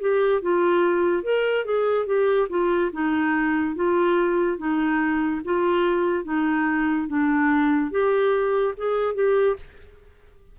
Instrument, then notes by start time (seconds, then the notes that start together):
clarinet
0.00 G4
0.42 F4
1.23 A#4
1.65 G#4
2.06 G4
2.49 F4
2.92 D#4
3.75 F4
4.58 D#4
5.45 F4
6.24 D#4
7.08 D4
7.91 G4
8.77 G#4
9.14 G4